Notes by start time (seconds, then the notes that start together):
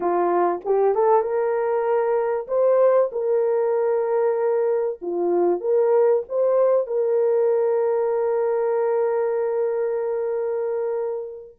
0.00 F4
0.64 G4
0.94 A4
1.22 A#4
2.47 C5
3.12 A#4
5.01 F4
5.60 A#4
6.28 C5
6.87 A#4